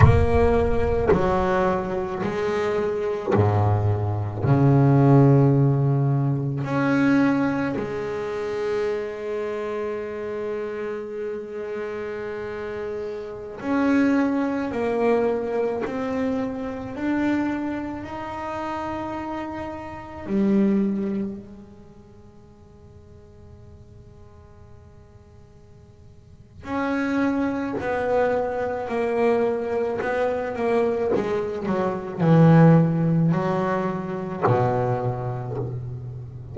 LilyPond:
\new Staff \with { instrumentName = "double bass" } { \time 4/4 \tempo 4 = 54 ais4 fis4 gis4 gis,4 | cis2 cis'4 gis4~ | gis1~ | gis16 cis'4 ais4 c'4 d'8.~ |
d'16 dis'2 g4 gis8.~ | gis1 | cis'4 b4 ais4 b8 ais8 | gis8 fis8 e4 fis4 b,4 | }